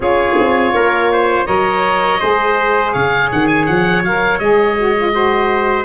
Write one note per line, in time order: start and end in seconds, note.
0.00 0.37 C#4
0.00 1.46 F4
0.00 0.74 G#4
0.00 1.46 C#5
0.39 0.73 C4
0.73 1.46 A#3
0.73 1.11 A#4
1.11 1.46 C5
1.46 2.21 F#3
1.46 2.19 A#4
1.46 2.20 C#5
1.46 2.92 D#5
2.20 2.94 G#3
2.20 4.03 G#4
2.20 2.93 C5
2.92 3.31 C#3
2.92 5.12 C#5
2.92 3.29 F5
3.31 3.68 D#3
3.31 3.47 F#5
3.47 3.65 G#5
3.66 4.03 F3
3.66 4.02 F#5
4.03 4.39 F#3
4.03 4.39 A#4
4.03 4.39 F5
4.39 5.84 G#3
4.39 4.76 G#4
4.39 5.84 D#5
4.77 4.95 F#4
4.96 5.12 F4
5.12 5.84 F#4
5.12 5.84 C5